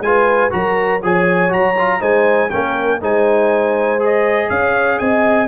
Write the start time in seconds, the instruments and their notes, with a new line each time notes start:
0.00 tuba G#3, trombone F4, horn B4, trumpet G#5
0.51 tuba F#3, trombone F#4, horn A#4, trumpet A#5
1.03 tuba F3, trombone G#4, horn C#5, trumpet G#5
1.49 tuba F#3, trombone F#4, trumpet A#5
1.78 trombone F4
2.00 tuba G#3, trombone D#4, horn C5, trumpet G#5
2.50 tuba A#3, trombone C#4, horn A#4, trumpet G5
3.01 tuba G#3, trombone D#4, horn C5, trumpet G#5
3.99 trombone G#4, trumpet D#5
4.50 tuba C#4, horn C#5, trumpet F5
4.99 tuba C4, horn D#5, trumpet G#5